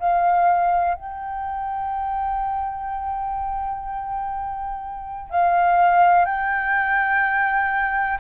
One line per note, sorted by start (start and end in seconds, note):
0.00 0.95 F5
0.95 5.30 G5
5.30 6.26 F5
6.26 8.19 G5